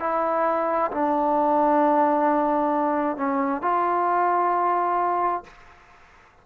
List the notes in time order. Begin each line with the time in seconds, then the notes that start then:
0.00 E4
0.91 D4
3.17 C#4
3.62 F4